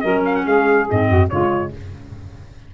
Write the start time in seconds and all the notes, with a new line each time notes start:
0.00 F#3 C#4 A#4 D#5
0.25 F5
0.35 F#5
0.45 G#3 G#4 F5
0.89 G#2 C4 D#5
1.07 F#2 F#4
1.29 C#3 G#3 F4 C#5